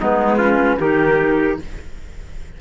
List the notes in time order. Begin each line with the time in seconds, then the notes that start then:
0.00 G#3 B3 D#4 B4
0.38 C#4 F4
0.78 D#3 D#4 G4 A#4